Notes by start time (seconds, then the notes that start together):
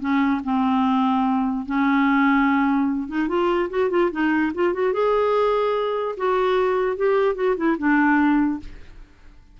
0.00 C#4
0.44 C4
1.65 C#4
3.08 D#4
3.28 F4
3.69 F#4
3.90 F4
4.11 D#4
4.54 F4
4.73 F#4
4.93 G#4
6.17 F#4
6.96 G4
7.35 F#4
7.56 E4
7.78 D4